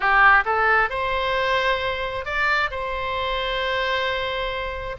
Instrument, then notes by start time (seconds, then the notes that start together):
oboe
0.00 G4
0.45 A4
0.89 C5
2.25 D5
2.71 C5